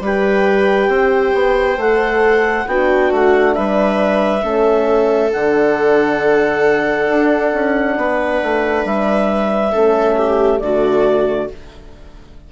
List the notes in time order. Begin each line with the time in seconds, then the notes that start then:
0.00 G3 G4 B4 G5
0.88 C4 C5
1.34 B3
1.77 A3 A4 F#5
2.66 B3 D4 F#4 G5
3.11 A3 F#5
3.54 G3 B4 E5
4.42 A3 C#4 A4
5.31 D3 D4 F#5
7.08 D4
7.53 C#4
7.97 B3 B4
8.42 A3
8.84 G3 E5
9.72 A3 C#4 A4
10.17 G4
10.59 D3 A3 F#4 D5